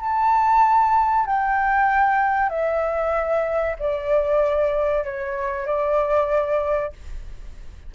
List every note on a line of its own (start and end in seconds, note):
0.00 1.26 A5
1.26 2.49 G5
2.49 3.76 E5
3.79 5.04 D5
5.04 5.66 C#5
5.66 6.93 D5